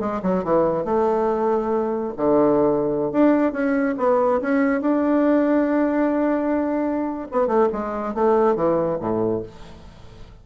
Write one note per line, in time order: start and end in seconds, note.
0.00 0.21 G#3
0.23 0.44 F#3
0.44 0.85 E3
0.85 2.14 A3
2.17 3.12 D3
3.12 3.53 D4
3.53 3.95 C#4
3.98 4.41 B3
4.41 4.81 C#4
4.81 7.28 D4
7.32 7.47 B3
7.47 7.69 A3
7.72 8.15 G#3
8.15 8.56 A3
8.56 8.99 E3
9.00 9.43 A2